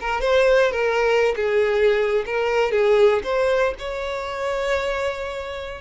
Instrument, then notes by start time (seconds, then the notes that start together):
violin
0.00 A#4
0.21 C5
0.71 A#4
1.36 G#4
2.26 A#4
2.71 G#4
3.24 C5
3.78 C#5